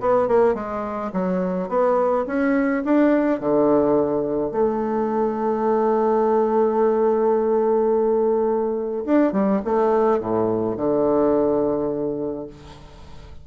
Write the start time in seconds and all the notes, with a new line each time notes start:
0.00 B3
0.28 A#3
0.54 G#3
1.12 F#3
1.68 B3
2.26 C#4
2.84 D4
3.40 D3
4.51 A3
9.05 D4
9.32 G3
9.64 A3
10.19 A2
10.76 D3